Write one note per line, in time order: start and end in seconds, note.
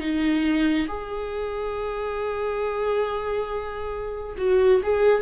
0.00 0.87 D#4
0.88 4.36 G#4
4.38 4.81 F#4
4.83 5.22 G#4